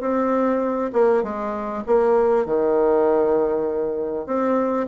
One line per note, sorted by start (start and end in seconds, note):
0.00 0.91 C4
0.93 1.23 A#3
1.23 1.83 G#3
1.86 2.45 A#3
2.45 4.26 D#3
4.26 4.87 C4